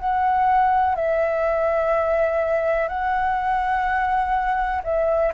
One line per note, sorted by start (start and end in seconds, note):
0.00 0.96 F#5
0.96 2.89 E5
2.89 4.82 F#5
4.84 5.33 E5